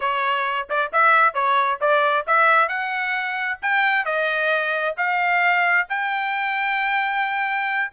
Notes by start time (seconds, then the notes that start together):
0.00 C#5
0.69 D5
0.92 E5
1.34 C#5
1.80 D5
2.27 E5
2.68 F#5
3.62 G5
4.05 D#5
4.97 F5
5.89 G5